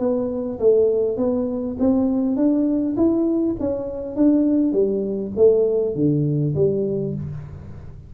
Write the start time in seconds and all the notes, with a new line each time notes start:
0.00 B3
0.60 A3
1.17 B3
1.80 C4
2.37 D4
2.97 E4
3.60 C#4
4.16 D4
4.73 G3
5.37 A3
5.96 D3
6.55 G3